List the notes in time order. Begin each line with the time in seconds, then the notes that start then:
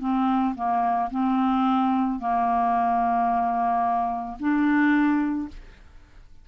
0.00 C4
0.56 A#3
1.11 C4
2.20 A#3
4.39 D4